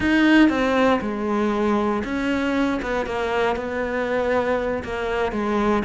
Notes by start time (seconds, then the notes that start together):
0.00 D#4
0.49 C4
1.01 G#3
2.04 C#4
2.82 B3
3.06 A#3
3.56 B3
4.83 A#3
5.32 G#3